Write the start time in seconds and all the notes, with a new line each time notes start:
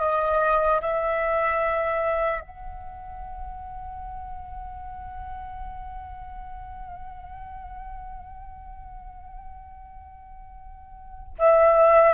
0.00 D#5
0.81 E5
2.41 F#5
11.39 E5